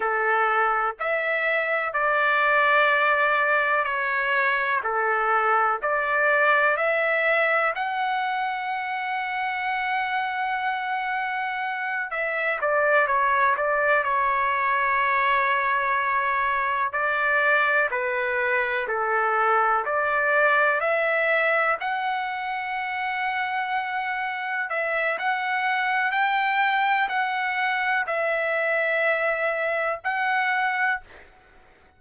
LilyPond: \new Staff \with { instrumentName = "trumpet" } { \time 4/4 \tempo 4 = 62 a'4 e''4 d''2 | cis''4 a'4 d''4 e''4 | fis''1~ | fis''8 e''8 d''8 cis''8 d''8 cis''4.~ |
cis''4. d''4 b'4 a'8~ | a'8 d''4 e''4 fis''4.~ | fis''4. e''8 fis''4 g''4 | fis''4 e''2 fis''4 | }